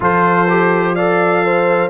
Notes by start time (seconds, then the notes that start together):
0.00 F3 F4 A4 C5
0.49 G4
0.95 A4 D5 F5
1.43 C5